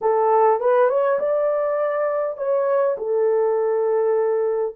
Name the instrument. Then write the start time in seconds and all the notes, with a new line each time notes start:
horn
0.01 A4
0.60 B4
0.89 C#5
1.19 D5
2.37 C#5
2.97 A4